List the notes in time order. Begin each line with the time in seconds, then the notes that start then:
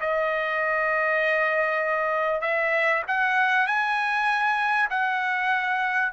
0.00 D#5
2.41 E5
3.07 F#5
3.67 G#5
4.90 F#5